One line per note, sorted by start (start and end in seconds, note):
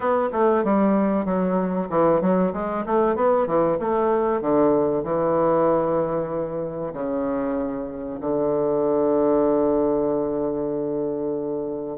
0.00 0.29 B3
0.32 0.63 A3
0.64 1.25 G3
1.25 1.88 F#3
1.89 2.21 E3
2.21 2.52 F#3
2.53 2.84 G#3
2.86 3.16 A3
3.16 3.47 B3
3.47 3.78 E3
3.79 4.41 A3
4.41 5.03 D3
5.03 6.92 E3
6.93 8.19 C#3
8.20 11.97 D3